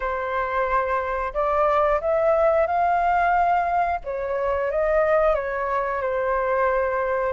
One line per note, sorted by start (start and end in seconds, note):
0.00 1.33 C5
1.33 2.00 D5
2.00 2.66 E5
2.66 4.00 F5
4.04 4.70 C#5
4.70 5.35 D#5
5.35 6.01 C#5
6.01 7.32 C5